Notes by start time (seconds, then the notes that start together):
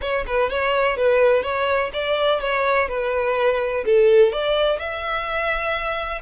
0.01 C#5
0.26 B4
0.50 C#5
0.96 B4
1.42 C#5
1.93 D5
2.40 C#5
2.88 B4
3.85 A4
4.32 D5
4.79 E5